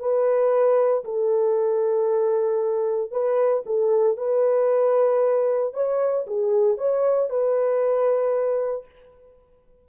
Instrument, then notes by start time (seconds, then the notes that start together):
horn
0.00 B4
1.05 A4
3.12 B4
3.66 A4
4.18 B4
5.74 C#5
6.27 G#4
6.78 C#5
7.30 B4